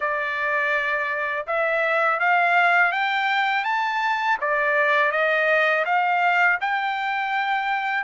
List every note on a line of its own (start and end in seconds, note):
0.00 1.46 D5
1.46 2.19 E5
2.19 2.92 F5
2.92 3.64 G5
3.64 4.37 A5
4.40 5.11 D5
5.11 5.84 D#5
5.85 6.58 F5
6.61 8.03 G5